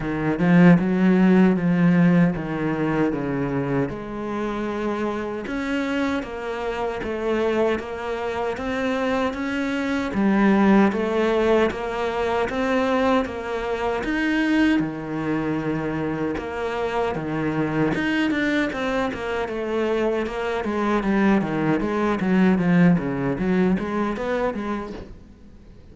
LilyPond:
\new Staff \with { instrumentName = "cello" } { \time 4/4 \tempo 4 = 77 dis8 f8 fis4 f4 dis4 | cis4 gis2 cis'4 | ais4 a4 ais4 c'4 | cis'4 g4 a4 ais4 |
c'4 ais4 dis'4 dis4~ | dis4 ais4 dis4 dis'8 d'8 | c'8 ais8 a4 ais8 gis8 g8 dis8 | gis8 fis8 f8 cis8 fis8 gis8 b8 gis8 | }